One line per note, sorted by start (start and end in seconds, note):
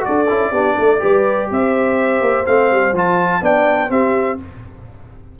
0.00 0.24 F#4
0.00 0.51 A4
0.00 1.49 D5
0.08 0.30 D4
0.29 0.51 C#4
0.29 0.53 E4
0.51 0.75 B3
0.51 0.99 D4
0.51 0.76 G4
0.76 1.01 A3
0.76 1.00 A4
0.99 1.51 G3
0.99 2.44 G4
0.99 1.49 B4
1.50 2.21 C4
1.50 3.42 C5
1.50 2.46 E5
2.21 2.45 A#3
2.45 2.71 A3
2.45 2.93 C4
2.45 2.94 F5
2.71 2.92 G3
2.92 3.41 F3
2.92 3.42 F4
2.92 3.44 A5
3.41 3.89 B3
3.41 3.89 D4
3.41 3.91 D5
3.41 3.91 G5
3.89 4.37 C4
3.89 4.38 C4
3.89 4.39 G4
3.89 4.39 E5